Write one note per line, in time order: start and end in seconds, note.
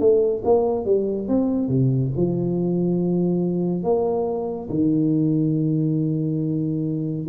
0.00 0.43 A3
0.45 0.85 A#3
0.85 1.28 G3
1.28 1.69 C4
1.69 2.12 C3
2.17 3.83 F3
3.83 4.69 A#3
4.70 7.27 D#3